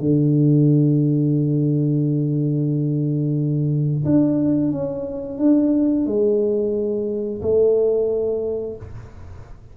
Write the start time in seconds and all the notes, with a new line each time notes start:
0.00 D3
4.05 D4
4.72 C#4
5.39 D4
6.06 G#3
7.42 A3